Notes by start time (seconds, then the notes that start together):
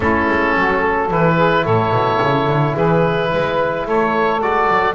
0.00 A3 C#4 E4 A4
0.28 G#3
0.56 F#3 F#4
0.78 A4
1.10 E3 E4 B4
1.36 G#4
1.64 A2 A4 C#5
1.92 B2
2.21 C#3
2.47 D3
2.74 E3 G#4 B4
3.32 G#3 B4
3.85 A3 A4 C#5
4.41 G#3 F#4 D5
4.69 F#3